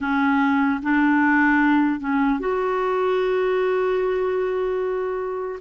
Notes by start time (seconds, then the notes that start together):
0.00 C#4
0.82 D4
2.00 C#4
2.39 F#4